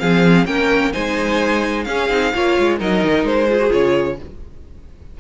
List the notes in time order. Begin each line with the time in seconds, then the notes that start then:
0.00 F3 C4 G#4 F5
0.46 A#3 C#4 A#4 G5
0.93 G#3 D#4 C5 G#5
1.84 C#4 G#4 F5
2.10 C4 D#4
2.35 A#3 F4 C#5
2.59 G#3
2.79 F#3 D#4 A#4 D#5
3.04 D#3
3.24 G#3 C5
3.48 F4 G#4
3.59 F#4
3.69 C#3 F4 C#5